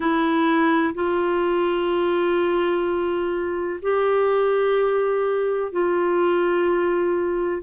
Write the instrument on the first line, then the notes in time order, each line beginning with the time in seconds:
clarinet
0.00 E4
0.94 F4
3.81 G4
5.71 F4